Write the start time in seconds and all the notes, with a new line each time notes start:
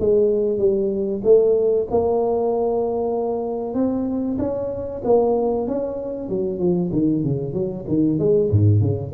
0.00 G#3
0.58 G3
1.24 A3
1.91 A#3
3.74 C4
4.39 C#4
5.04 A#3
5.67 C#4
6.29 F#3
6.59 F3
6.92 D#3
7.24 C#3
7.54 F#3
7.88 D#3
8.19 G#3
8.51 G#2
8.81 C#3